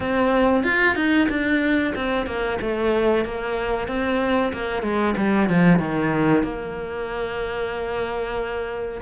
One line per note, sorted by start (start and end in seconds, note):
0.00 0.63 C4
0.63 0.95 F4
0.95 1.28 D#4
1.29 1.93 D4
1.95 2.26 C4
2.26 2.58 A#3
2.61 3.24 A3
3.24 3.87 A#3
3.87 4.52 C4
4.53 4.82 A#3
4.82 5.14 G#3
5.16 5.49 G3
5.49 5.79 F3
5.79 6.43 D#3
6.43 9.01 A#3